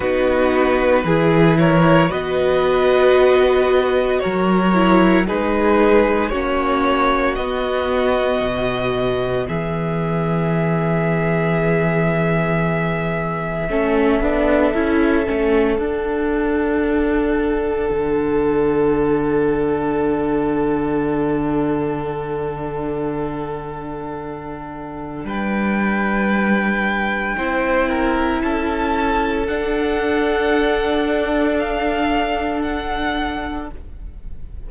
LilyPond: <<
  \new Staff \with { instrumentName = "violin" } { \time 4/4 \tempo 4 = 57 b'4. cis''8 dis''2 | cis''4 b'4 cis''4 dis''4~ | dis''4 e''2.~ | e''2. fis''4~ |
fis''1~ | fis''1 | g''2. a''4 | fis''2 f''4 fis''4 | }
  \new Staff \with { instrumentName = "violin" } { \time 4/4 fis'4 gis'8 ais'8 b'2 | ais'4 gis'4 fis'2~ | fis'4 gis'2.~ | gis'4 a'2.~ |
a'1~ | a'1 | b'2 c''8 ais'8 a'4~ | a'1 | }
  \new Staff \with { instrumentName = "viola" } { \time 4/4 dis'4 e'4 fis'2~ | fis'8 e'8 dis'4 cis'4 b4~ | b1~ | b4 cis'8 d'8 e'8 cis'8 d'4~ |
d'1~ | d'1~ | d'2 e'2 | d'1 | }
  \new Staff \with { instrumentName = "cello" } { \time 4/4 b4 e4 b2 | fis4 gis4 ais4 b4 | b,4 e2.~ | e4 a8 b8 cis'8 a8 d'4~ |
d'4 d2.~ | d1 | g2 c'4 cis'4 | d'1 | }
>>